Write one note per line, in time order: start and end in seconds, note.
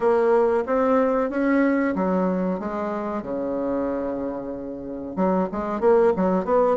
0.00 0.64 A#3
0.66 1.30 C4
1.30 1.94 C#4
1.95 2.59 F#3
2.59 3.22 G#3
3.22 5.16 C#3
5.16 5.48 F#3
5.52 5.80 G#3
5.80 6.12 A#3
6.16 6.44 F#3
6.44 6.76 B3